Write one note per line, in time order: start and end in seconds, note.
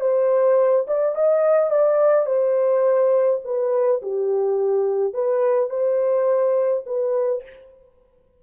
0.00 0.86 C5
0.87 1.15 D5
1.15 1.70 D#5
1.70 2.25 D5
2.25 3.40 C5
3.44 4.01 B4
4.02 5.13 G4
5.13 5.69 B4
5.69 6.84 C5
6.85 7.43 B4